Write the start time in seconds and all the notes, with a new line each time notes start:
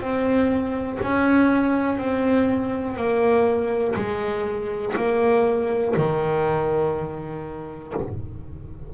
0.00 C4
1.02 C#4
1.98 C4
2.96 A#3
3.95 G#3
4.96 A#3
5.96 D#3